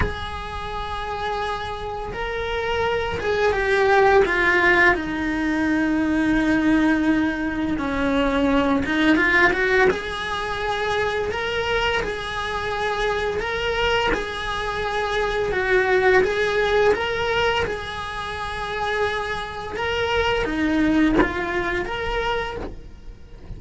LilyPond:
\new Staff \with { instrumentName = "cello" } { \time 4/4 \tempo 4 = 85 gis'2. ais'4~ | ais'8 gis'8 g'4 f'4 dis'4~ | dis'2. cis'4~ | cis'8 dis'8 f'8 fis'8 gis'2 |
ais'4 gis'2 ais'4 | gis'2 fis'4 gis'4 | ais'4 gis'2. | ais'4 dis'4 f'4 ais'4 | }